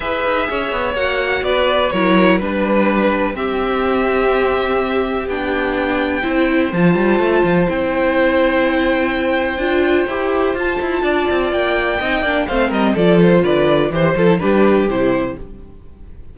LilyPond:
<<
  \new Staff \with { instrumentName = "violin" } { \time 4/4 \tempo 4 = 125 e''2 fis''4 d''4 | cis''4 b'2 e''4~ | e''2. g''4~ | g''2 a''2 |
g''1~ | g''2 a''2 | g''2 f''8 dis''8 d''8 c''8 | d''4 c''8 a'8 b'4 c''4 | }
  \new Staff \with { instrumentName = "violin" } { \time 4/4 b'4 cis''2 b'4 | ais'4 b'2 g'4~ | g'1~ | g'4 c''2.~ |
c''1~ | c''2. d''4~ | d''4 dis''8 d''8 c''8 ais'8 a'4 | b'4 c''4 g'2 | }
  \new Staff \with { instrumentName = "viola" } { \time 4/4 gis'2 fis'2 | e'4 d'2 c'4~ | c'2. d'4~ | d'4 e'4 f'2 |
e'1 | f'4 g'4 f'2~ | f'4 dis'8 d'8 c'4 f'4~ | f'4 g'8 f'16 e'16 d'4 e'4 | }
  \new Staff \with { instrumentName = "cello" } { \time 4/4 e'8 dis'8 cis'8 b8 ais4 b4 | fis4 g2 c'4~ | c'2. b4~ | b4 c'4 f8 g8 a8 f8 |
c'1 | d'4 e'4 f'8 e'8 d'8 c'8 | ais4 c'8 ais8 a8 g8 f4 | d4 e8 f8 g4 c4 | }
>>